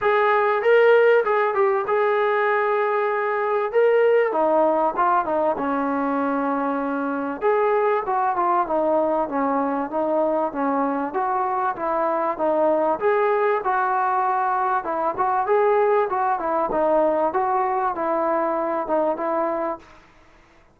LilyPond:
\new Staff \with { instrumentName = "trombone" } { \time 4/4 \tempo 4 = 97 gis'4 ais'4 gis'8 g'8 gis'4~ | gis'2 ais'4 dis'4 | f'8 dis'8 cis'2. | gis'4 fis'8 f'8 dis'4 cis'4 |
dis'4 cis'4 fis'4 e'4 | dis'4 gis'4 fis'2 | e'8 fis'8 gis'4 fis'8 e'8 dis'4 | fis'4 e'4. dis'8 e'4 | }